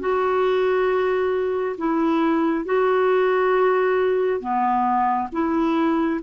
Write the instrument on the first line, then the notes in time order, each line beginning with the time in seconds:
clarinet
0.00 F#4
1.78 E4
2.66 F#4
4.40 B3
5.33 E4